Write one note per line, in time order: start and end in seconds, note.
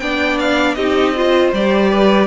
0.00 0.77 B3
0.00 0.78 D4
0.00 0.77 D5
0.00 0.38 G5
0.40 0.75 F5
0.75 1.53 C4
0.75 1.16 D#4
0.75 1.15 G4
0.75 1.51 D#5
1.16 1.54 F4
1.16 1.91 C5
1.53 2.27 G3
1.53 2.27 G4
1.53 2.27 D5
1.91 2.27 B4